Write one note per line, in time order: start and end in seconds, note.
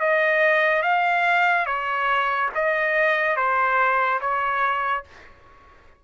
0.00 0.83 D#5
0.83 1.66 F5
1.66 2.50 C#5
2.55 3.36 D#5
3.36 4.20 C5
4.21 5.04 C#5